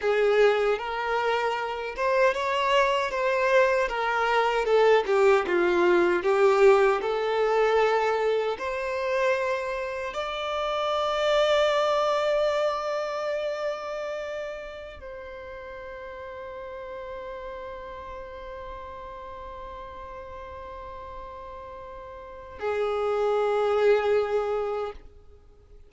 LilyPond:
\new Staff \with { instrumentName = "violin" } { \time 4/4 \tempo 4 = 77 gis'4 ais'4. c''8 cis''4 | c''4 ais'4 a'8 g'8 f'4 | g'4 a'2 c''4~ | c''4 d''2.~ |
d''2.~ d''16 c''8.~ | c''1~ | c''1~ | c''4 gis'2. | }